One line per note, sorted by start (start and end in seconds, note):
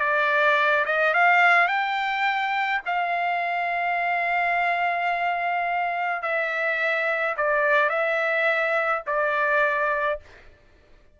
0.00 0.85 D5
0.86 1.14 D#5
1.14 1.68 F5
1.68 2.81 G5
2.86 6.22 F5
6.22 7.36 E5
7.37 7.90 D5
7.90 9.03 E5
9.07 10.20 D5